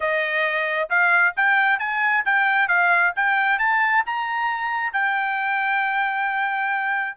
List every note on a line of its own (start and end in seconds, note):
0.00 0.89 D#5
0.89 1.34 F5
1.36 1.79 G5
1.79 2.24 G#5
2.25 2.67 G5
2.67 3.12 F5
3.16 3.58 G5
3.58 4.03 A5
4.06 4.92 A#5
4.92 7.16 G5